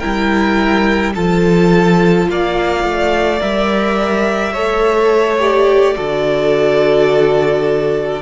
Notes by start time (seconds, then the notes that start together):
0.00 G3 E4 A#4 G5
1.15 F3 F4 A4 A5
2.29 A#3 D5 F5
2.84 A3
3.40 G3 A#4 E5
4.53 A3 A4 C#5
5.39 G4 D5
5.96 D3 F#4 A4